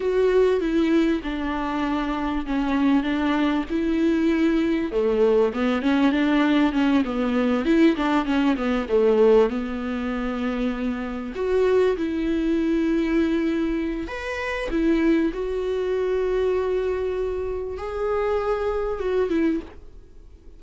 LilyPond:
\new Staff \with { instrumentName = "viola" } { \time 4/4 \tempo 4 = 98 fis'4 e'4 d'2 | cis'4 d'4 e'2 | a4 b8 cis'8 d'4 cis'8 b8~ | b8 e'8 d'8 cis'8 b8 a4 b8~ |
b2~ b8 fis'4 e'8~ | e'2. b'4 | e'4 fis'2.~ | fis'4 gis'2 fis'8 e'8 | }